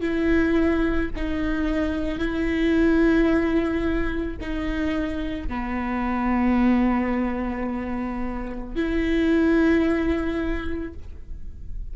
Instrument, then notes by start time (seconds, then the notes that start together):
viola
0.00 E4
1.15 D#4
2.18 E4
4.40 D#4
5.48 B3
8.75 E4